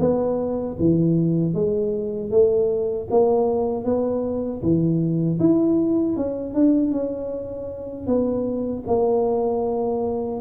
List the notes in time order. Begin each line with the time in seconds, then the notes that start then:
0.00 B3
0.80 E3
1.55 G#3
2.31 A3
3.11 A#3
3.85 B3
4.63 E3
5.40 E4
6.16 C#4
6.54 D4
6.92 C#4
8.07 B3
8.87 A#3